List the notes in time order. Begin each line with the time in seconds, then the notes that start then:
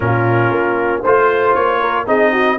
0.00 A#2 C#4 F4 A#4
0.50 A#3
1.01 A3 F4 C5
1.54 A#3 C#5
1.80 A#4
2.06 C4 D#4 G#4 D#5
2.31 F#4